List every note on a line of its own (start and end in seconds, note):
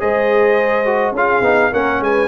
0.00 1.12 G#3
0.00 0.85 G#4
0.00 1.15 C5
0.00 1.14 D#5
0.85 1.14 F#4
1.12 1.40 C#4
1.12 1.43 F4
1.12 1.71 G#4
1.12 1.73 F5
1.41 1.69 B3
1.41 1.71 D#4
1.71 2.00 A#3
1.71 2.27 C#4
1.71 2.00 A#4
1.71 2.02 F#5
2.00 2.27 G#3
2.00 2.27 B4
2.00 2.27 G#5